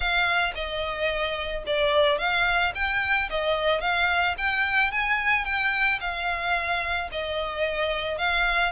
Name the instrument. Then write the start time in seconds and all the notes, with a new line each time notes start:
violin
0.00 F5
0.55 D#5
1.66 D5
2.18 F5
2.74 G5
3.30 D#5
3.80 F5
4.37 G5
4.91 G#5
5.44 G5
6.00 F5
7.11 D#5
8.18 F5